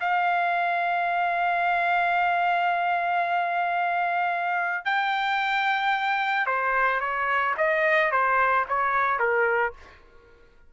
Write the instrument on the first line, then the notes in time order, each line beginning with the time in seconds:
trumpet
0.00 F5
4.85 G5
6.46 C5
7.00 C#5
7.57 D#5
8.11 C5
8.68 C#5
9.19 A#4